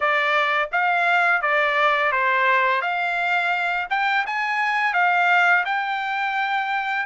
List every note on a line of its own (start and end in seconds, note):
0.00 0.69 D5
0.72 1.41 F5
1.41 2.12 D5
2.12 2.81 C5
2.81 3.87 F5
3.90 4.25 G5
4.26 4.93 G#5
4.93 5.64 F5
5.65 7.06 G5